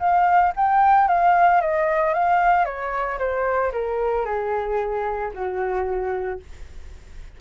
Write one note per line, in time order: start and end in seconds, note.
0.00 0.53 F5
0.57 1.08 G5
1.08 1.61 F5
1.61 2.14 D#5
2.14 2.65 F5
2.65 3.19 C#5
3.19 3.72 C5
3.73 4.26 A#4
4.26 5.32 G#4
5.34 6.40 F#4